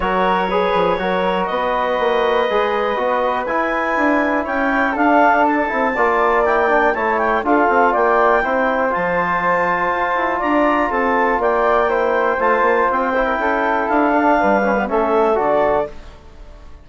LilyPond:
<<
  \new Staff \with { instrumentName = "clarinet" } { \time 4/4 \tempo 4 = 121 cis''2. dis''4~ | dis''2. gis''4~ | gis''4 g''4 f''4 a''4~ | a''4 g''4 a''8 g''8 f''4 |
g''2 a''2~ | a''4 ais''4 a''4 g''4~ | g''4 a''4 g''2 | f''2 e''4 d''4 | }
  \new Staff \with { instrumentName = "flute" } { \time 4/4 ais'4 b'4 ais'4 b'4~ | b'1~ | b'4 cis''4 a'2 | d''2 cis''4 a'4 |
d''4 c''2.~ | c''4 d''4 a'4 d''4 | c''2~ c''8. ais'16 a'4~ | a'4 b'4 a'2 | }
  \new Staff \with { instrumentName = "trombone" } { \time 4/4 fis'4 gis'4 fis'2~ | fis'4 gis'4 fis'4 e'4~ | e'2 d'4. e'8 | f'4 e'8 d'8 e'4 f'4~ |
f'4 e'4 f'2~ | f'1 | e'4 f'4. e'4.~ | e'8 d'4 cis'16 b16 cis'4 fis'4 | }
  \new Staff \with { instrumentName = "bassoon" } { \time 4/4 fis4. f8 fis4 b4 | ais4 gis4 b4 e'4 | d'4 cis'4 d'4. c'8 | ais2 a4 d'8 c'8 |
ais4 c'4 f2 | f'8 e'8 d'4 c'4 ais4~ | ais4 a8 ais8 c'4 cis'4 | d'4 g4 a4 d4 | }
>>